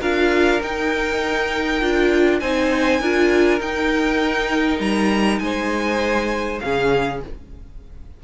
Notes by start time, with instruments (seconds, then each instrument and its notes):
0.00 cello D4, viola F4, violin A#4 F5
0.62 viola D#4, cello D#4, violin G5
1.82 cello D4, viola F4
2.40 cello C4, viola D#4, violin C5 G#5
3.01 cello D4, viola F4, violin A#4
3.60 cello D#4, viola D#4, violin G5
4.80 cello G3, violin A#5
5.39 cello G#3, violin C5 G#5
6.61 cello C#3, viola C#4, violin G#4 F5